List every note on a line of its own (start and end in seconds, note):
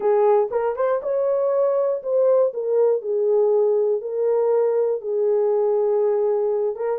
0.00 0.49 G#4
0.50 0.75 A#4
0.76 1.01 C5
1.02 2.02 C#5
2.02 2.52 C5
2.53 3.01 A#4
3.01 4.01 G#4
4.01 5.01 A#4
5.01 6.75 G#4
6.75 6.99 A#4